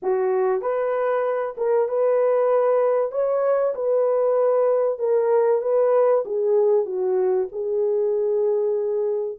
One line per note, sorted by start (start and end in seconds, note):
0.02 0.61 F#4
0.61 1.55 B4
1.57 1.88 A#4
1.88 3.11 B4
3.11 3.74 C#5
3.74 4.99 B4
4.99 5.61 A#4
5.61 6.24 B4
6.25 6.85 G#4
6.85 7.48 F#4
7.51 9.38 G#4